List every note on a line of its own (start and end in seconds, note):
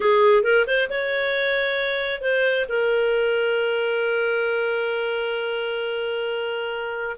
0.00 0.43 G#4
0.43 0.65 A#4
0.67 0.89 C5
0.89 2.21 C#5
2.21 2.66 C5
2.68 7.16 A#4